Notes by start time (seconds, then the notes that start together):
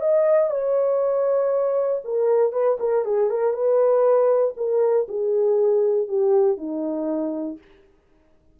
0.00 D#5
0.50 C#5
2.04 A#4
2.52 B4
2.79 A#4
3.04 G#4
3.30 A#4
3.53 B4
4.57 A#4
5.08 G#4
6.08 G4
6.57 D#4